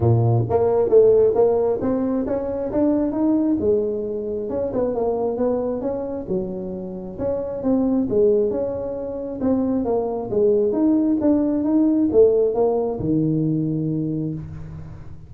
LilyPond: \new Staff \with { instrumentName = "tuba" } { \time 4/4 \tempo 4 = 134 ais,4 ais4 a4 ais4 | c'4 cis'4 d'4 dis'4 | gis2 cis'8 b8 ais4 | b4 cis'4 fis2 |
cis'4 c'4 gis4 cis'4~ | cis'4 c'4 ais4 gis4 | dis'4 d'4 dis'4 a4 | ais4 dis2. | }